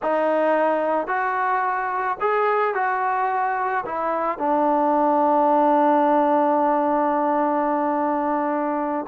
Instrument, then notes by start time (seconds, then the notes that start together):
trombone
0.02 D#4
1.07 F#4
2.20 G#4
2.74 F#4
3.85 E4
4.38 D4